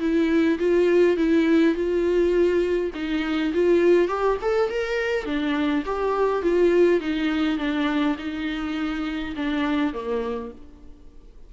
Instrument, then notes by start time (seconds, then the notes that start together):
viola
0.00 E4
0.59 F4
1.17 E4
1.75 F4
2.94 D#4
3.53 F4
4.08 G4
4.42 A4
4.70 A#4
5.25 D4
5.86 G4
6.42 F4
7.00 D#4
7.58 D4
8.18 D#4
9.36 D4
9.93 A#3